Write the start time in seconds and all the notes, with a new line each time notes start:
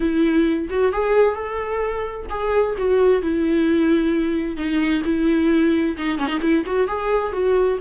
0.00 E4
0.69 F#4
0.92 G#4
1.34 A4
2.29 G#4
2.77 F#4
3.22 E4
4.56 D#4
5.04 E4
5.97 D#4
6.18 C#4
6.27 D#4
6.41 E4
6.65 F#4
6.87 G#4
7.32 F#4